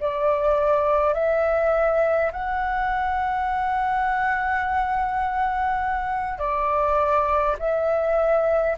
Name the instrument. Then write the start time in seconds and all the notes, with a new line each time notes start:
flute
0.00 D5
1.13 E5
2.32 F#5
6.39 D5
7.59 E5